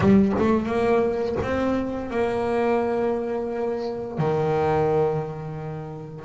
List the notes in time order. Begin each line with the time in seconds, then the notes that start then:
0.00 G3
0.38 A3
0.65 A#3
1.42 C4
2.10 A#3
4.17 D#3